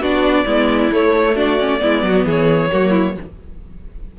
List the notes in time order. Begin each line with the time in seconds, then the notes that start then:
0.00 B3 D4 F#4 D5
0.45 G#3 B3 E4
0.92 A3 C#5
1.35 D4 F#4 D5
1.59 C#4
1.80 G#3 B3 E4
2.03 F#3 F#4
2.25 E3 G#4 C#5
2.71 F#3 A#3 F#4
2.90 E4